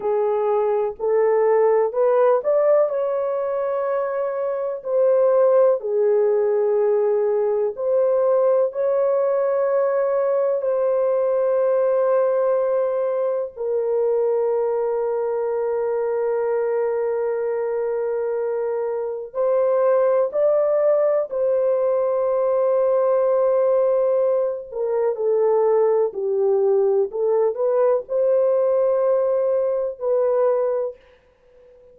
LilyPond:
\new Staff \with { instrumentName = "horn" } { \time 4/4 \tempo 4 = 62 gis'4 a'4 b'8 d''8 cis''4~ | cis''4 c''4 gis'2 | c''4 cis''2 c''4~ | c''2 ais'2~ |
ais'1 | c''4 d''4 c''2~ | c''4. ais'8 a'4 g'4 | a'8 b'8 c''2 b'4 | }